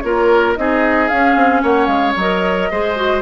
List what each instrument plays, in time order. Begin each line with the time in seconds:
0.00 bassoon A#3, clarinet F4, oboe A#4, flute C#5
0.56 bassoon C4, clarinet D#4, oboe G#4, flute D#5
1.08 bassoon C#4, clarinet C#4, flute F5
1.36 bassoon C4
1.62 bassoon A#3, oboe C#5, flute F#5
1.86 bassoon G#3, flute F5
2.16 bassoon F#3, clarinet A#4, flute D#5
2.71 bassoon G#3, clarinet G#4, oboe C5
2.96 clarinet F#4